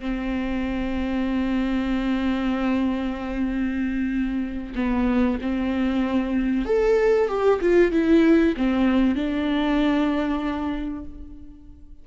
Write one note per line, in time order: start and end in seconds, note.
0.00 4.74 C4
4.76 5.39 B3
5.42 6.66 C4
6.66 7.28 A4
7.28 7.60 G4
7.61 7.92 F4
7.92 8.55 E4
8.57 9.16 C4
9.16 11.05 D4